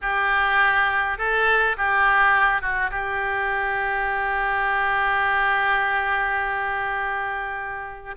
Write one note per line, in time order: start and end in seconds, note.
0.01 1.18 G4
1.18 1.76 A4
1.77 2.61 G4
2.61 2.90 F#4
2.90 8.15 G4